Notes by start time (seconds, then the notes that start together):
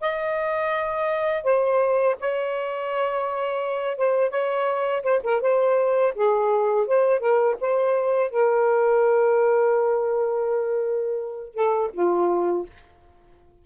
0.00 D#5
1.44 C5
2.19 C#5
3.97 C5
4.30 C#5
5.02 C5
5.23 A#4
5.41 C5
6.14 G#4
6.87 C5
7.19 A#4
7.60 C5
8.30 A#4
11.54 A4
11.93 F4